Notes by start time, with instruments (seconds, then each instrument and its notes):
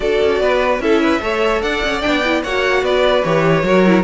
0.00 cello D4, viola F#4, violin A4 D5
0.22 cello C#4
0.40 cello B3, violin B4
0.79 cello C#4, viola E4, violin A4 E5
1.01 violin B4
1.21 cello A3, viola A4, violin C#5
1.61 cello D4, violin D5 F#5
1.83 cello C#4
2.01 cello B3, viola D4, violin G5
2.25 viola E4
2.42 cello A#3, viola F#4, violin C#5 F#5
2.82 cello B3, violin B4 D5
3.23 cello E3, viola G4, violin C#5
3.63 cello F#3, viola F#4, violin A#4
3.85 viola E4